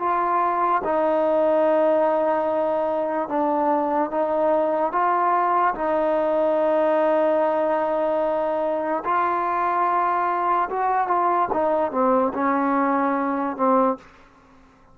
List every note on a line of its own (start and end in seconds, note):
0.00 0.82 F4
0.85 3.29 D#4
3.29 4.11 D4
4.11 4.92 D#4
4.92 5.75 F4
5.75 9.04 D#4
9.05 10.69 F4
10.70 11.08 F#4
11.08 11.49 F4
11.53 11.92 D#4
11.92 12.33 C4
12.34 13.57 C#4
13.57 13.98 C4